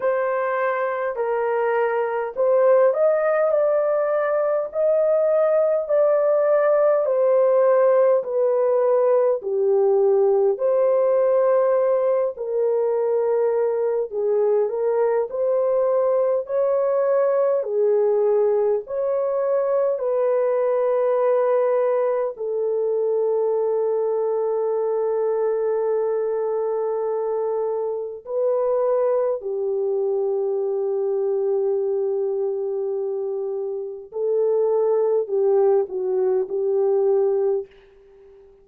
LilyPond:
\new Staff \with { instrumentName = "horn" } { \time 4/4 \tempo 4 = 51 c''4 ais'4 c''8 dis''8 d''4 | dis''4 d''4 c''4 b'4 | g'4 c''4. ais'4. | gis'8 ais'8 c''4 cis''4 gis'4 |
cis''4 b'2 a'4~ | a'1 | b'4 g'2.~ | g'4 a'4 g'8 fis'8 g'4 | }